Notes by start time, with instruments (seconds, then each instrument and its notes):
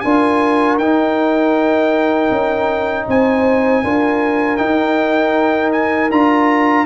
0.00 tuba D4, trombone F4, horn A#4, trumpet G#5
0.77 tuba D#4, trombone D#4, trumpet G5
2.31 tuba C#4
3.07 tuba C4, horn C5, trumpet G#5
3.83 tuba D4, trombone F4, horn A#4
4.57 trombone D#4, tuba D#4, trumpet G5
5.72 trumpet G#5
6.11 tuba D4, trombone F4, trumpet A#5